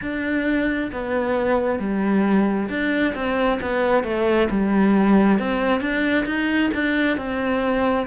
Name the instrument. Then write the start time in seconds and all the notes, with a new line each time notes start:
cello
0.01 D4
0.92 B3
1.79 G3
2.69 D4
3.14 C4
3.61 B3
4.03 A3
4.50 G3
5.39 C4
5.80 D4
6.25 D#4
6.74 D4
7.16 C4